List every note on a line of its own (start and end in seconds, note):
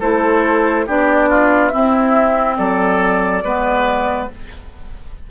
0.00 0.87 A3
0.00 0.87 E4
0.00 0.86 A4
0.00 0.87 C5
0.87 1.73 B3
0.87 1.71 D4
0.87 1.29 G4
0.87 1.69 D5
1.29 1.72 F4
1.69 3.43 C4
1.69 2.58 E4
1.69 2.54 E5
1.75 2.59 C4
2.57 3.44 F#3
2.57 3.44 A4
2.57 4.28 D5
3.44 4.30 G#3
3.44 4.31 B3
3.44 4.30 B4